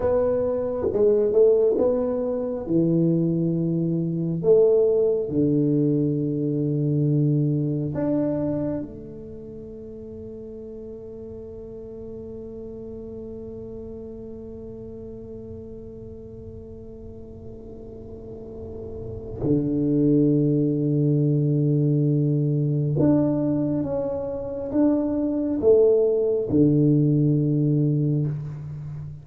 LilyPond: \new Staff \with { instrumentName = "tuba" } { \time 4/4 \tempo 4 = 68 b4 gis8 a8 b4 e4~ | e4 a4 d2~ | d4 d'4 a2~ | a1~ |
a1~ | a2 d2~ | d2 d'4 cis'4 | d'4 a4 d2 | }